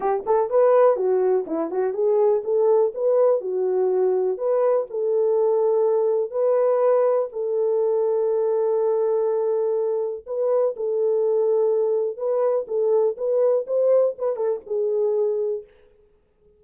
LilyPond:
\new Staff \with { instrumentName = "horn" } { \time 4/4 \tempo 4 = 123 g'8 a'8 b'4 fis'4 e'8 fis'8 | gis'4 a'4 b'4 fis'4~ | fis'4 b'4 a'2~ | a'4 b'2 a'4~ |
a'1~ | a'4 b'4 a'2~ | a'4 b'4 a'4 b'4 | c''4 b'8 a'8 gis'2 | }